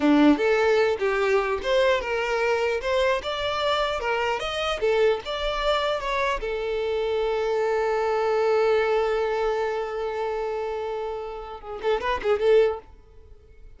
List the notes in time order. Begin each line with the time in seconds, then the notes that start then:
0.00 D4
0.37 A4
0.99 G4
1.62 C5
2.00 A#4
2.81 C5
3.23 D5
4.00 A#4
4.39 D#5
4.80 A4
5.25 D5
5.99 C#5
6.40 A4
11.60 G#4
11.81 A4
12.00 B4
12.23 G#4
12.39 A4